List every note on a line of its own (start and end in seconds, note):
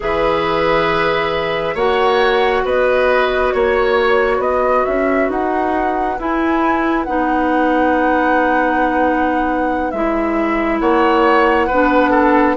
0.00 1.74 E3
0.00 1.76 G#4
0.00 1.74 B4
0.00 1.77 E5
1.74 2.62 A#3
1.74 6.17 F#4
1.74 2.62 C#5
1.74 2.65 F#5
2.63 3.52 B3
2.63 3.53 B4
2.63 3.52 D#5
3.52 4.38 A#3
3.52 4.41 C#5
3.52 4.37 C#5
4.37 4.83 B3
4.37 10.77 B4
4.37 4.85 D#5
4.85 5.29 C#4
4.85 5.29 E5
5.29 6.17 D#4
5.29 6.19 F#5
6.18 7.06 E4
6.18 7.04 G#5
7.04 9.92 B3
7.04 9.94 D#4
7.04 9.90 F#5
9.90 10.80 G#3
9.90 11.70 E4
9.90 10.78 E5
10.80 11.68 A#3
10.80 11.67 C#5
10.80 12.56 F#5
11.67 12.57 B3
11.67 12.57 D4
11.67 12.10 B4
12.10 12.54 A4